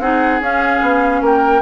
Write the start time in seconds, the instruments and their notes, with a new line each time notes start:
0.00 bassoon C4, clarinet D#4, oboe G#4, flute F#5
0.41 bassoon C#4, clarinet C#4, flute F5
0.82 bassoon B3
1.21 bassoon A#3, oboe A#4, flute G5